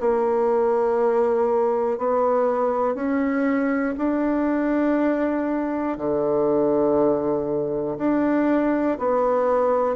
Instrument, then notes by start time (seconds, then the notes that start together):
bassoon
0.00 A#3
1.98 B3
2.95 C#4
3.98 D4
5.98 D3
7.99 D4
8.99 B3